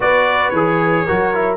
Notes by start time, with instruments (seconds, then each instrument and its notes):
0.00 tuba B3, trombone F#4, horn B4, trumpet D5
0.50 tuba E3, trombone G#4, trumpet C#5
1.06 tuba F#3, trombone F#4, horn A#4
1.34 trombone E4